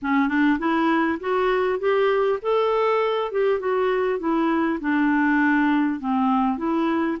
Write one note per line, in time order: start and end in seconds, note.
0.01 0.28 C#4
0.28 0.58 D4
0.58 1.18 E4
1.20 1.79 F#4
1.79 2.39 G4
2.42 3.31 A4
3.31 3.59 G4
3.59 4.19 F#4
4.19 4.79 E4
4.80 5.99 D4
5.99 6.57 C4
6.57 7.17 E4